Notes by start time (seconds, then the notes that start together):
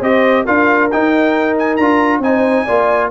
0.00 C4 G4 C5 D#5
0.46 D4 F4 A#4 F5
0.91 D#4 G5
1.58 G#5
1.77 D4 F4 A#5
2.19 C4 D#4 C5 G#5
2.65 A#3 F4 D5